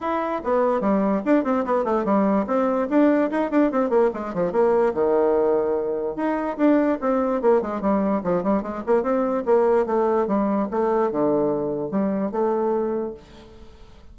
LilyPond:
\new Staff \with { instrumentName = "bassoon" } { \time 4/4 \tempo 4 = 146 e'4 b4 g4 d'8 c'8 | b8 a8 g4 c'4 d'4 | dis'8 d'8 c'8 ais8 gis8 f8 ais4 | dis2. dis'4 |
d'4 c'4 ais8 gis8 g4 | f8 g8 gis8 ais8 c'4 ais4 | a4 g4 a4 d4~ | d4 g4 a2 | }